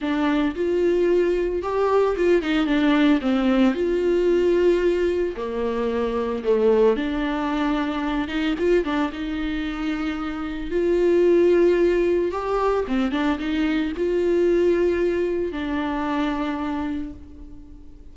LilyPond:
\new Staff \with { instrumentName = "viola" } { \time 4/4 \tempo 4 = 112 d'4 f'2 g'4 | f'8 dis'8 d'4 c'4 f'4~ | f'2 ais2 | a4 d'2~ d'8 dis'8 |
f'8 d'8 dis'2. | f'2. g'4 | c'8 d'8 dis'4 f'2~ | f'4 d'2. | }